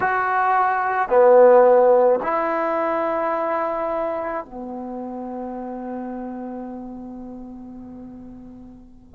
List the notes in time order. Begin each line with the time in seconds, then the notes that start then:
0.00 F#4
1.08 B3
2.22 E4
4.44 B3